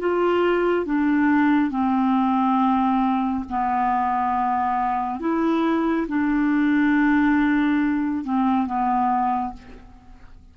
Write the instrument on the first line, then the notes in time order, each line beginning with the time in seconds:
clarinet
0.00 F4
0.86 D4
1.71 C4
3.50 B3
5.20 E4
6.08 D4
8.25 C4
8.66 B3